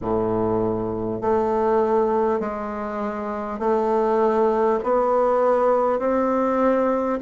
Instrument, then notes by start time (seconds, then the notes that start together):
bassoon
0.01 A2
1.21 A3
2.39 G#3
3.59 A3
4.83 B3
5.99 C4